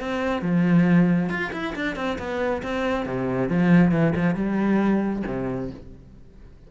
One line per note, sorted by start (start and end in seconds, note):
0.00 0.42 C4
0.42 1.30 F3
1.30 1.52 F4
1.53 1.75 E4
1.76 1.96 D4
1.96 2.18 C4
2.19 2.63 B3
2.63 3.06 C4
3.06 3.49 C3
3.49 3.92 F3
3.92 4.14 E3
4.16 4.35 F3
4.35 5.23 G3
5.27 5.71 C3